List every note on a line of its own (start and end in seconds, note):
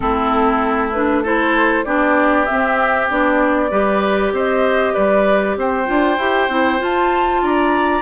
0.00 1.85 A3
0.00 0.93 C4
0.00 1.23 E4
0.00 0.89 A4
0.92 1.24 D4
0.92 1.23 B4
1.23 1.85 E4
1.23 1.84 A4
1.23 1.84 C5
1.84 2.47 B3
1.84 2.47 D4
1.84 3.70 G4
1.84 2.45 D5
2.45 3.09 C4
2.45 3.10 C4
2.45 3.07 E5
3.09 3.71 B3
3.09 3.70 D4
3.09 4.33 D5
3.70 4.32 G3
3.70 5.85 G4
3.70 4.32 B4
4.32 4.94 C4
4.32 4.93 C5
4.32 4.94 D#5
4.93 5.57 G3
4.93 5.55 B4
4.93 5.56 D5
5.57 5.87 C4
5.57 7.42 C5
5.57 6.83 G5
5.85 6.18 D4
5.85 6.16 F4
6.18 6.48 E4
6.18 6.49 G4
6.48 6.79 C4
6.48 6.78 E4
6.78 8.01 F4
6.78 7.42 F4
6.78 7.44 A5
7.42 8.01 D4
7.42 8.01 D5
7.42 8.01 A#5